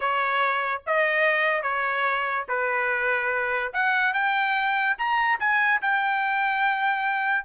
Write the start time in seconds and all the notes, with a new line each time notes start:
0.00 C#5
0.86 D#5
1.62 C#5
2.48 B4
3.73 F#5
4.13 G5
4.97 A#5
5.39 G#5
5.81 G5